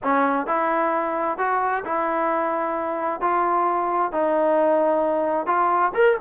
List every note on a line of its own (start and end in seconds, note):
0.03 0.47 C#4
0.47 1.38 E4
1.38 1.83 F#4
1.84 3.21 E4
3.21 4.11 F4
4.11 5.46 D#4
5.46 5.92 F4
5.94 6.17 A#4